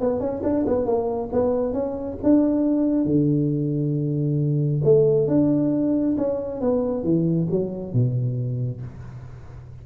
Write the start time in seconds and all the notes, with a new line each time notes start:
0.00 B3
0.20 C#4
0.44 D4
0.67 B3
0.86 A#3
1.33 B3
1.73 C#4
2.23 D4
3.06 D3
4.84 A3
5.28 D4
6.18 C#4
6.61 B3
7.04 E3
7.51 F#3
7.93 B2